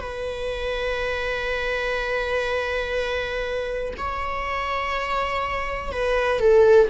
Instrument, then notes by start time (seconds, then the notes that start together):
viola
0.00 B4
3.97 C#5
5.92 B4
6.39 A4